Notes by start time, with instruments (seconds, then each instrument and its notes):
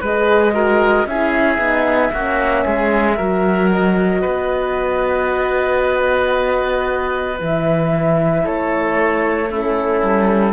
0.00 cello G#3, horn G#4, oboe B4, flute D#5
0.54 horn F#4, oboe A#4
1.06 cello C#4, horn E4, oboe G#4, flute E5
1.58 cello B3, horn D#4
2.12 cello A#3, horn C#4, oboe F#4
2.64 cello G#3, oboe G#4
3.16 cello F#3, horn F#4, oboe A#4
3.70 flute D#5
4.21 cello B3, oboe B4
7.38 cello E3, horn E4, flute E5
8.43 cello A3, oboe A4, flute C#5
9.50 horn C#4, oboe E4, flute A4
10.02 cello G3